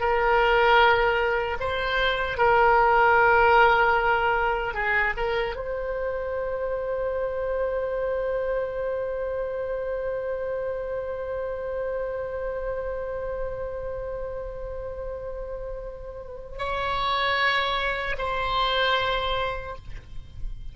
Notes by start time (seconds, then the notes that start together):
0.00 A#4
1.60 C5
2.38 A#4
4.74 G#4
5.17 A#4
5.56 C5
16.58 C#5
18.18 C5